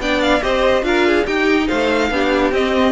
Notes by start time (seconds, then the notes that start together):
0.00 B3 D4 D5 G5
0.22 F5
0.41 C4 G4 C5 D#5
0.83 D4 F4 A#4 F5
1.08 G#4
1.27 D#4 G4 G5
1.68 A3 C5 F5
2.11 B3 D4 G4
2.52 C4 D#5